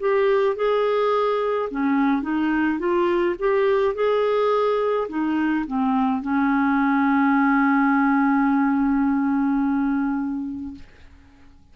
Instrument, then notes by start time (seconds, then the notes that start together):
clarinet
0.00 G4
0.56 G#4
1.71 C#4
2.22 D#4
2.79 F4
3.39 G4
3.95 G#4
5.08 D#4
5.67 C4
6.22 C#4